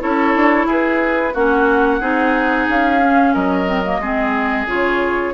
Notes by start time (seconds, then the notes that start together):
0.00 C#4 E4 A4 C#5
0.36 D4
0.66 E4 G#4 B4
1.34 A#3 C#4 F#4 F#5
2.00 C4 D#4 G#4
2.69 C#4 F5
3.02 C#4
3.34 F#3 A#4 D#5
3.67 C4
3.85 A#3
3.99 G#3 C4 G#4
4.66 C#3 F4 C#5